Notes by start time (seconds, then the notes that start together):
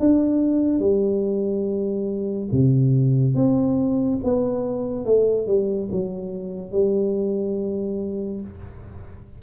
0.00 D4
0.80 G3
2.52 C3
3.35 C4
4.24 B3
5.06 A3
5.47 G3
5.92 F#3
6.72 G3